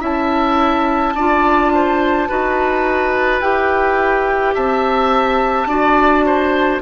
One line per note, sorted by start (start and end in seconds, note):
0.00 1.15 C#4
0.00 1.13 E4
0.00 1.13 E5
0.00 3.41 A5
1.15 2.28 D4
1.15 2.29 F4
1.15 1.72 D5
1.74 2.29 C5
2.29 3.41 D#4
2.29 3.41 F#4
2.29 4.54 B4
3.41 4.54 E4
3.41 5.68 G4
3.41 4.54 G5
4.54 5.66 C4
4.54 5.68 E5
4.54 6.81 A5
5.66 6.79 D4
5.66 6.82 F#4
5.66 6.25 D5
6.26 6.82 C5